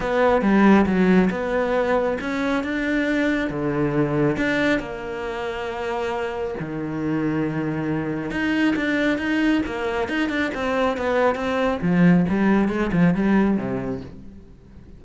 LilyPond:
\new Staff \with { instrumentName = "cello" } { \time 4/4 \tempo 4 = 137 b4 g4 fis4 b4~ | b4 cis'4 d'2 | d2 d'4 ais4~ | ais2. dis4~ |
dis2. dis'4 | d'4 dis'4 ais4 dis'8 d'8 | c'4 b4 c'4 f4 | g4 gis8 f8 g4 c4 | }